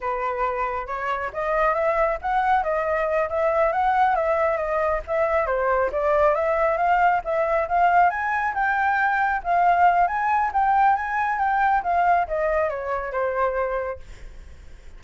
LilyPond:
\new Staff \with { instrumentName = "flute" } { \time 4/4 \tempo 4 = 137 b'2 cis''4 dis''4 | e''4 fis''4 dis''4. e''8~ | e''8 fis''4 e''4 dis''4 e''8~ | e''8 c''4 d''4 e''4 f''8~ |
f''8 e''4 f''4 gis''4 g''8~ | g''4. f''4. gis''4 | g''4 gis''4 g''4 f''4 | dis''4 cis''4 c''2 | }